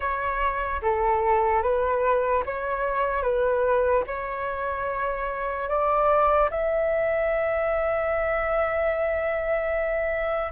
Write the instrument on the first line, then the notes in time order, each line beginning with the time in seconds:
flute
0.00 C#5
0.81 A4
1.62 B4
2.45 C#5
3.22 B4
4.06 C#5
5.68 D5
6.50 E5